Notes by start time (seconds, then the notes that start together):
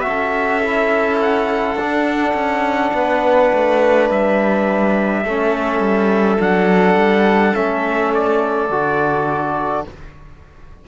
0.00 F#4 E5
0.06 C#4 A4
0.62 E4
1.21 F#5
1.75 D4
2.34 C#4
2.94 B3 B4
3.53 A3
4.10 G3 E5
5.23 A3 C#4 A4
5.80 G3
6.39 F#3 D4 F#5
6.95 G3
7.53 A3 C#4 E5
8.14 D5
8.69 D3 F#4